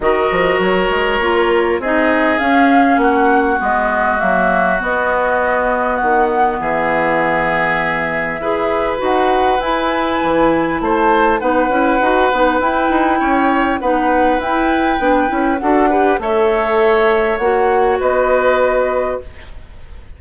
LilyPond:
<<
  \new Staff \with { instrumentName = "flute" } { \time 4/4 \tempo 4 = 100 dis''4 cis''2 dis''4 | f''4 fis''4 dis''4 e''4 | dis''2 fis''4 e''4~ | e''2. fis''4 |
gis''2 a''4 fis''4~ | fis''4 g''2 fis''4 | g''2 fis''4 e''4~ | e''4 fis''4 dis''2 | }
  \new Staff \with { instrumentName = "oboe" } { \time 4/4 ais'2. gis'4~ | gis'4 fis'2.~ | fis'2. gis'4~ | gis'2 b'2~ |
b'2 c''4 b'4~ | b'2 cis''4 b'4~ | b'2 a'8 b'8 cis''4~ | cis''2 b'2 | }
  \new Staff \with { instrumentName = "clarinet" } { \time 4/4 fis'2 f'4 dis'4 | cis'2 b4 ais4 | b1~ | b2 gis'4 fis'4 |
e'2. dis'8 e'8 | fis'8 dis'8 e'2 dis'4 | e'4 d'8 e'8 fis'8 g'8 a'4~ | a'4 fis'2. | }
  \new Staff \with { instrumentName = "bassoon" } { \time 4/4 dis8 f8 fis8 gis8 ais4 c'4 | cis'4 ais4 gis4 fis4 | b2 dis4 e4~ | e2 e'4 dis'4 |
e'4 e4 a4 b8 cis'8 | dis'8 b8 e'8 dis'8 cis'4 b4 | e'4 b8 cis'8 d'4 a4~ | a4 ais4 b2 | }
>>